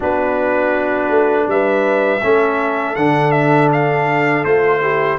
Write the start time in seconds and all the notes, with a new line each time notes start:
0.00 B3 D4 F#4 B4
1.09 A3
1.47 G3 B4 E5
2.22 A3 C#4 A4
2.95 D3 D4 F#5
3.31 E5
3.72 F5
4.44 A3 F4 C5
4.81 E4 G4